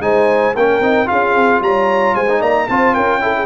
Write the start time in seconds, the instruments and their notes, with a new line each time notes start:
0.00 tuba G#3, trombone D#4, horn C5, trumpet G#5
0.55 tuba A#3, trombone C#4, horn A#4, trumpet G5
0.80 tuba C4, trombone D#4
1.06 trombone F4, horn G#4, trumpet F5
1.12 tuba C#4
1.35 tuba C4
1.61 tuba G3, horn C#5, trumpet A#5
2.15 tuba G#3, horn C5, trumpet G#5
2.29 trombone D#4
2.39 tuba A#3, horn D5, trumpet A#5
2.68 tuba C4, trombone F4, horn C5, trumpet A5
2.94 tuba C#4, horn A#4, trumpet G5
3.20 trombone E4, horn A4
3.36 horn G#4